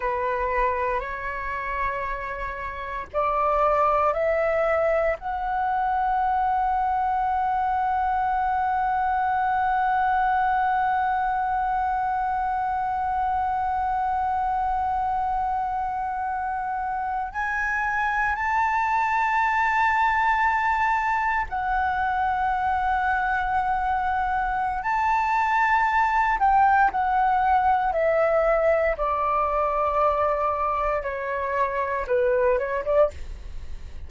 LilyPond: \new Staff \with { instrumentName = "flute" } { \time 4/4 \tempo 4 = 58 b'4 cis''2 d''4 | e''4 fis''2.~ | fis''1~ | fis''1~ |
fis''8. gis''4 a''2~ a''16~ | a''8. fis''2.~ fis''16 | a''4. g''8 fis''4 e''4 | d''2 cis''4 b'8 cis''16 d''16 | }